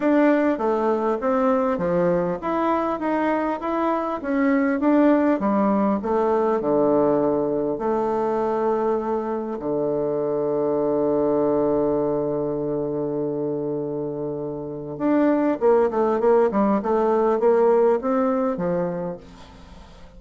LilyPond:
\new Staff \with { instrumentName = "bassoon" } { \time 4/4 \tempo 4 = 100 d'4 a4 c'4 f4 | e'4 dis'4 e'4 cis'4 | d'4 g4 a4 d4~ | d4 a2. |
d1~ | d1~ | d4 d'4 ais8 a8 ais8 g8 | a4 ais4 c'4 f4 | }